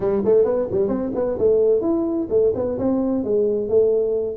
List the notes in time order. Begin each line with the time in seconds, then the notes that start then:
0.00 G3
0.24 A3
0.44 B3
0.71 G3
0.88 C4
1.15 B3
1.38 A3
1.81 E4
2.29 A3
2.54 B3
2.78 C4
3.23 G#3
3.68 A3